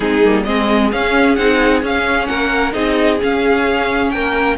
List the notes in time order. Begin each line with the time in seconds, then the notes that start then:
0.00 G#3 C4 D#4 G#4
0.23 G3 A#3
0.43 G#3 C4 G#4 D#5
0.91 C#4 F5
1.35 C4 D#4 F#5
1.82 C#4 F5
2.26 A#3 A#4 F#5
2.72 C4 D#4 G#4 D#5
3.21 C#4 F5
4.11 A#3 A#4 G5